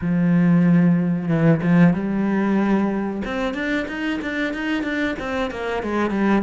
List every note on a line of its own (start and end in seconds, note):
0.01 1.28 F3
1.28 1.60 E3
1.62 1.93 F3
1.93 3.22 G3
3.25 3.53 C4
3.53 3.86 D4
3.87 4.20 D#4
4.21 4.53 D4
4.53 4.83 D#4
4.83 5.15 D4
5.19 5.50 C4
5.50 5.82 A#3
5.82 6.10 G#3
6.10 6.42 G3